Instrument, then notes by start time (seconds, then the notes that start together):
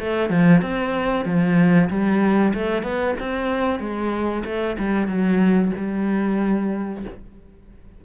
cello
0.00 A3
0.30 F3
0.62 C4
1.26 F3
1.90 G3
2.54 A3
2.83 B3
3.20 C4
3.80 G#3
4.45 A3
4.78 G3
5.08 F#3
5.77 G3